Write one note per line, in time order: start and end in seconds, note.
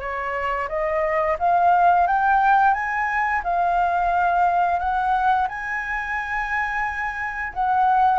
0.00 0.68 C#5
0.68 1.37 D#5
1.39 2.07 F5
2.07 2.74 G5
2.74 3.42 G#5
3.44 4.79 F5
4.79 5.48 F#5
5.48 7.53 G#5
7.53 8.19 F#5